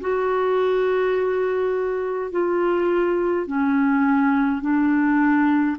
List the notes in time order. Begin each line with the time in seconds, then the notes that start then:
0.00 F#4
2.31 F4
3.46 C#4
4.61 D4